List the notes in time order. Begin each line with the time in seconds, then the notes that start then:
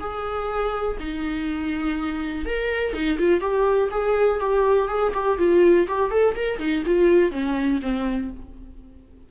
0.00 G#4
1.00 D#4
2.45 A#4
2.94 D#4
3.19 F4
3.41 G4
3.91 G#4
4.40 G4
4.88 G#4
5.14 G4
5.38 F4
5.88 G4
6.11 A4
6.36 A#4
6.59 D#4
6.86 F4
7.32 C#4
7.82 C4